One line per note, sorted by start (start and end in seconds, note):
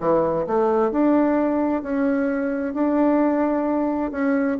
0.00 0.46 E3
0.46 0.91 A3
0.91 1.82 D4
1.82 2.74 C#4
2.74 4.11 D4
4.11 4.57 C#4